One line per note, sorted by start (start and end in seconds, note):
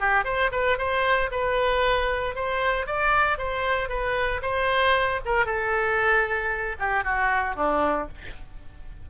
0.00 0.25 G4
0.25 0.51 C5
0.52 0.78 B4
0.78 1.30 C5
1.31 2.35 B4
2.35 2.86 C5
2.86 3.38 D5
3.38 3.89 C5
3.89 4.41 B4
4.42 5.20 C5
5.25 5.45 A#4
5.45 6.76 A4
6.79 7.04 G4
7.04 7.56 F#4
7.56 8.08 D4